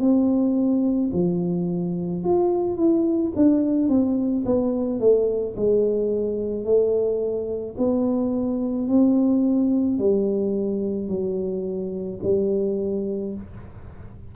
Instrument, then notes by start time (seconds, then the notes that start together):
tuba
0.00 C4
1.13 F3
2.24 F4
2.77 E4
3.36 D4
3.89 C4
4.45 B3
5.00 A3
5.57 G#3
6.65 A3
7.78 B3
8.88 C4
9.99 G3
11.09 F#3
12.23 G3